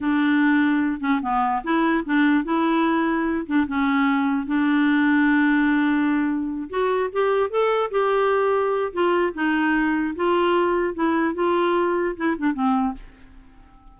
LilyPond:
\new Staff \with { instrumentName = "clarinet" } { \time 4/4 \tempo 4 = 148 d'2~ d'8 cis'8 b4 | e'4 d'4 e'2~ | e'8 d'8 cis'2 d'4~ | d'1~ |
d'8 fis'4 g'4 a'4 g'8~ | g'2 f'4 dis'4~ | dis'4 f'2 e'4 | f'2 e'8 d'8 c'4 | }